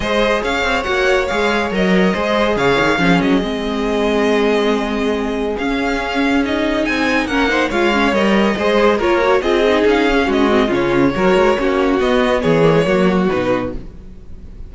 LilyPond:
<<
  \new Staff \with { instrumentName = "violin" } { \time 4/4 \tempo 4 = 140 dis''4 f''4 fis''4 f''4 | dis''2 f''4. dis''8~ | dis''1~ | dis''4 f''2 dis''4 |
gis''4 fis''4 f''4 dis''4~ | dis''4 cis''4 dis''4 f''4 | dis''4 cis''2. | dis''4 cis''2 b'4 | }
  \new Staff \with { instrumentName = "violin" } { \time 4/4 c''4 cis''2.~ | cis''4 c''4 cis''4 gis'4~ | gis'1~ | gis'1~ |
gis'4 ais'8 c''8 cis''2 | c''4 ais'4 gis'2 | fis'4 f'4 ais'4 fis'4~ | fis'4 gis'4 fis'2 | }
  \new Staff \with { instrumentName = "viola" } { \time 4/4 gis'2 fis'4 gis'4 | ais'4 gis'2 cis'4 | c'1~ | c'4 cis'2 dis'4~ |
dis'4 cis'8 dis'8 f'8 cis'8 ais'4 | gis'4 f'8 fis'8 f'8 dis'4 cis'8~ | cis'8 c'8 cis'4 fis'4 cis'4 | b4. ais16 gis16 ais4 dis'4 | }
  \new Staff \with { instrumentName = "cello" } { \time 4/4 gis4 cis'8 c'8 ais4 gis4 | fis4 gis4 cis8 dis8 f8 fis8 | gis1~ | gis4 cis'2. |
c'4 ais4 gis4 g4 | gis4 ais4 c'4 cis'4 | gis4 cis4 fis8 gis8 ais4 | b4 e4 fis4 b,4 | }
>>